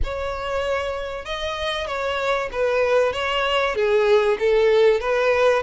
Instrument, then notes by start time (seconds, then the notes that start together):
violin
0.03 C#5
1.25 D#5
1.86 C#5
2.52 B4
3.12 C#5
3.75 G#4
4.39 A4
5.00 B4